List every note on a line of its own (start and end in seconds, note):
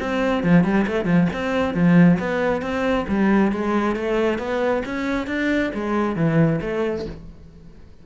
0.00 0.44 C4
0.44 0.64 F3
0.64 0.86 G3
0.87 1.05 A3
1.05 1.28 F3
1.33 1.74 C4
1.74 2.19 F3
2.20 2.62 B3
2.62 3.06 C4
3.08 3.52 G3
3.52 3.96 G#3
3.96 4.39 A3
4.39 4.83 B3
4.86 5.27 C#4
5.27 5.71 D4
5.74 6.16 G#3
6.16 6.60 E3
6.62 7.06 A3